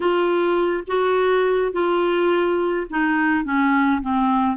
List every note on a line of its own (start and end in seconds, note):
0.00 0.83 F4
0.87 1.72 F#4
1.72 2.86 F4
2.90 3.44 D#4
3.44 4.01 C#4
4.01 4.57 C4